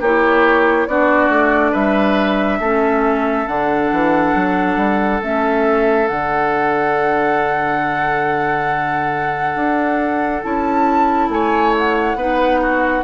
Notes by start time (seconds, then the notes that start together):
0.00 A#3 E4 G4 C#5
0.87 B3 D4 F#4 D5
1.28 A3
1.71 G3 B4 E5
2.59 A3 C#4 A4
3.47 D3 D4 F#5
3.91 E3
4.34 F#3
4.76 G3
5.22 A3 C#4 E5
6.07 D3 D4 F#5
9.55 D4
10.42 C#4 E4 A5
11.28 A3 C#5 G#5
11.78 F#5
12.14 B3 D#4 B4
12.61 F#4